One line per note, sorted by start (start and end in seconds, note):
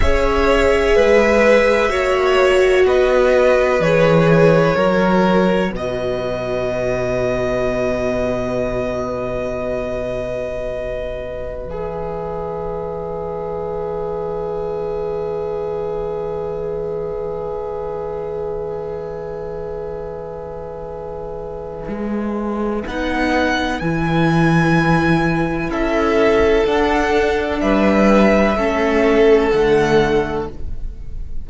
0.00 0.94 C#4
0.00 1.89 G#4
0.00 0.95 C#5
0.00 2.83 E5
0.95 1.90 G#3
0.95 1.89 B4
1.89 2.85 A#3
1.89 3.79 F#4
1.89 2.85 C#5
2.85 3.80 B3
2.85 4.75 B4
2.85 3.82 D#5
3.80 4.75 E3
3.80 4.77 G#4
3.80 5.72 C#5
4.75 5.70 F#3
4.75 11.67 F#4
4.75 5.70 A#4
5.70 11.65 B2
5.70 25.71 B4
5.70 11.68 D#5
11.65 21.88 E3
11.65 22.87 G#4
11.65 22.87 E5
21.88 22.83 G#3
22.87 23.80 B3
22.87 23.82 D#4
22.87 23.79 F#5
23.79 25.69 E3
23.79 26.65 E4
23.79 25.70 G#5
25.69 26.64 C#4
25.69 27.61 A4
25.69 26.66 E5
26.65 27.61 D4
26.65 28.56 D4
26.65 27.60 F#5
27.60 28.55 G3
27.60 28.57 B4
27.60 29.50 E5
28.55 29.50 A3
28.55 29.53 C#4
28.55 30.47 A4
29.50 30.48 D3
29.50 30.49 A3
29.50 30.45 F#5